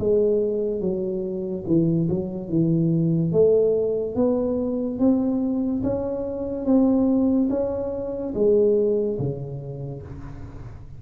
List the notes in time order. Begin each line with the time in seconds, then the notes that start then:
0.00 G#3
0.81 F#3
1.67 E3
2.09 F#3
2.50 E3
3.33 A3
4.16 B3
5.00 C4
5.83 C#4
6.66 C4
7.50 C#4
8.34 G#3
9.19 C#3